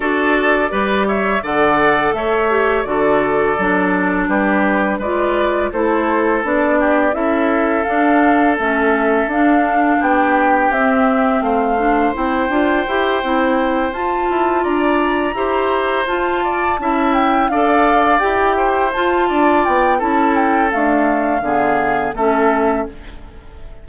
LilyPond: <<
  \new Staff \with { instrumentName = "flute" } { \time 4/4 \tempo 4 = 84 d''4. e''8 fis''4 e''4 | d''2 b'4 d''4 | c''4 d''4 e''4 f''4 | e''4 f''4 g''4 e''4 |
f''4 g''2~ g''8 a''8~ | a''8 ais''2 a''4. | g''8 f''4 g''4 a''4 g''8 | a''8 g''8 f''2 e''4 | }
  \new Staff \with { instrumentName = "oboe" } { \time 4/4 a'4 b'8 cis''8 d''4 cis''4 | a'2 g'4 b'4 | a'4. g'8 a'2~ | a'2 g'2 |
c''1~ | c''8 d''4 c''4. d''8 e''8~ | e''8 d''4. c''4 d''4 | a'2 gis'4 a'4 | }
  \new Staff \with { instrumentName = "clarinet" } { \time 4/4 fis'4 g'4 a'4. g'8 | fis'4 d'2 f'4 | e'4 d'4 e'4 d'4 | cis'4 d'2 c'4~ |
c'8 d'8 e'8 f'8 g'8 e'4 f'8~ | f'4. g'4 f'4 e'8~ | e'8 a'4 g'4 f'4. | e'4 a4 b4 cis'4 | }
  \new Staff \with { instrumentName = "bassoon" } { \time 4/4 d'4 g4 d4 a4 | d4 fis4 g4 gis4 | a4 b4 cis'4 d'4 | a4 d'4 b4 c'4 |
a4 c'8 d'8 e'8 c'4 f'8 | e'8 d'4 e'4 f'4 cis'8~ | cis'8 d'4 e'4 f'8 d'8 b8 | cis'4 d'4 d4 a4 | }
>>